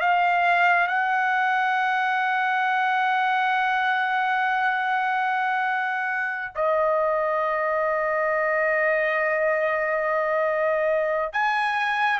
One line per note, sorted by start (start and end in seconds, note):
0.00 0.87 F5
0.87 6.52 F#5
6.55 11.32 D#5
11.32 12.19 G#5